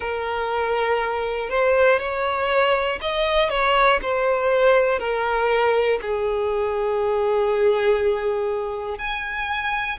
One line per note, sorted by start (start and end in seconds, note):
0.00 1.50 A#4
1.50 1.99 C5
1.99 2.99 C#5
3.00 3.49 D#5
3.49 3.99 C#5
4.02 4.99 C5
4.99 5.99 A#4
6.01 8.98 G#4
8.98 9.98 G#5